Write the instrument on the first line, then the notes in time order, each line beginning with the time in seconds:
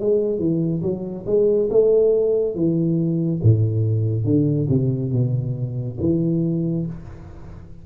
tuba
0.00 G#3
0.39 E3
0.83 F#3
1.27 G#3
1.71 A3
2.55 E3
3.43 A2
4.25 D3
4.70 C3
5.12 B2
6.01 E3